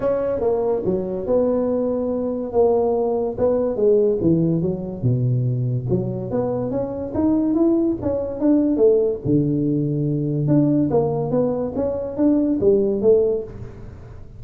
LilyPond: \new Staff \with { instrumentName = "tuba" } { \time 4/4 \tempo 4 = 143 cis'4 ais4 fis4 b4~ | b2 ais2 | b4 gis4 e4 fis4 | b,2 fis4 b4 |
cis'4 dis'4 e'4 cis'4 | d'4 a4 d2~ | d4 d'4 ais4 b4 | cis'4 d'4 g4 a4 | }